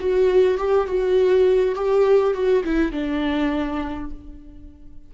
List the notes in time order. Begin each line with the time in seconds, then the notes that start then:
0.00 F#4
0.58 G4
0.87 F#4
1.75 G4
2.34 F#4
2.64 E4
2.92 D4